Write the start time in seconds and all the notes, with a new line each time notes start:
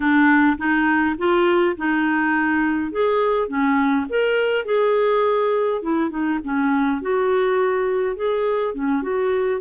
0.00 D4
0.57 D#4
1.18 F4
1.76 D#4
2.91 G#4
3.47 C#4
4.09 A#4
4.65 G#4
5.81 E4
6.10 D#4
6.44 C#4
7.01 F#4
8.16 G#4
8.74 C#4
9.02 F#4